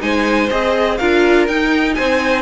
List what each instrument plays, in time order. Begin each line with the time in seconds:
0.00 cello G#3, viola D#4, violin C5 G#5
0.51 cello C4, viola G#4, violin D#5
0.98 cello D4, viola F4, violin A#4 F5
1.48 cello D#4, viola D#4, violin G5
1.95 cello C4, violin C5 G#5